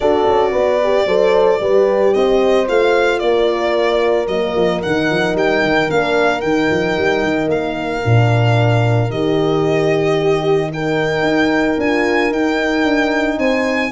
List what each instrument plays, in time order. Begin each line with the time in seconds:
0.00 tuba D4, horn F#4 A4, violin D5
0.27 tuba C#4
0.51 tuba B3, horn B4
0.83 horn G4
1.05 tuba F#3, horn A4 C5
1.60 tuba G3, horn G4 B4
2.14 tuba C4, horn C5, violin D#5
2.67 tuba A3, horn F4, violin F5
3.19 tuba A#3, horn A#4, violin D5
4.27 tuba F#3, horn A#3, violin D#5
4.54 tuba F3
4.82 tuba D#3, horn D#4, violin F#5
5.10 tuba F3
5.35 tuba G3, violin G5
5.62 tuba D#3
5.89 tuba A#3, horn D4, violin F5
6.41 tuba D#3, horn D#4, violin G5
6.70 tuba F3
6.98 tuba G3
7.23 tuba D#3
7.48 tuba A#3, violin F5
8.03 tuba A#2, horn D4
9.10 tuba D#3, horn G4, violin D#5
10.18 horn G4
10.71 horn D#4 A#4, violin G5
11.22 tuba D#4
11.77 tuba D4, horn F4, violin G#5
12.31 tuba D#4, horn D#4, violin G5
12.84 tuba D4
13.38 tuba C4, horn C5, violin G#5